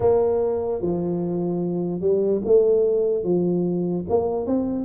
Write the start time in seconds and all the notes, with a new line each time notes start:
0.00 A#3
0.81 F3
2.00 G3
2.44 A3
3.23 F3
4.09 A#3
4.46 C4